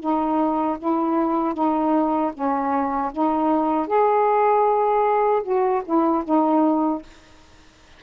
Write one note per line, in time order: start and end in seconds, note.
0.00 0.78 D#4
0.79 1.54 E4
1.54 2.32 D#4
2.34 3.12 C#4
3.12 3.87 D#4
3.87 5.43 G#4
5.43 5.82 F#4
5.85 6.24 E4
6.25 7.03 D#4